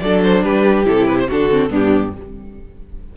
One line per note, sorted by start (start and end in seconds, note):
0.00 0.44 F#3
0.00 0.85 D4
0.00 0.45 A4
0.00 0.21 D5
0.24 0.44 C5
0.44 0.86 G3
0.44 1.28 G4
0.44 0.86 B4
0.85 1.29 C3
0.85 1.27 E4
0.85 1.08 A4
1.08 1.18 B4
1.20 1.31 C5
1.28 1.71 D3
1.28 1.51 D4
1.28 1.70 F#4
1.28 1.73 A4
1.51 1.70 C4
1.70 2.13 G2
1.70 2.12 B3
1.70 2.13 D4
1.70 2.17 G4